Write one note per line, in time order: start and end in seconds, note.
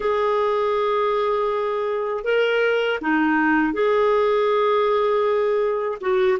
0.00 2.24 G#4
2.24 2.99 A#4
3.01 3.73 D#4
3.73 5.98 G#4
6.00 6.38 F#4